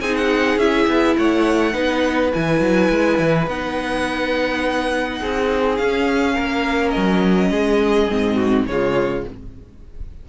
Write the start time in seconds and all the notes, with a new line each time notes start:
0.00 C4 D#4 G#4 G#5
0.16 F#5
0.57 C#4 E4 E5
0.87 B3
1.17 A3 C#5 F#5
1.72 B3 D#4 B4
2.33 E3 E4 G#5
2.60 F#3
2.89 G#3
3.18 E3
3.47 B3 D#4 F#5
5.19 C4 G#4
5.77 C#4 F5
6.34 A#3 A#4
6.90 D#5
6.96 F#3
7.50 G#3 G#4
8.09 G#2 C4
8.35 F#4
8.66 C#3 G#3 F4 C#5